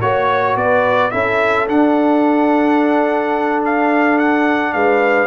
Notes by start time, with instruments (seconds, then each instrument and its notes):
0.00 tuba A#3, trombone F#4, horn C#5, trumpet C#5
0.56 tuba B3, horn B4, trumpet D5
1.11 tuba C#4, trombone E4, horn A4, trumpet E5
1.68 tuba D4, trombone D4, trumpet F#5
3.65 trumpet F5
4.18 trumpet F#5
4.73 tuba G#3, horn B4, trumpet F5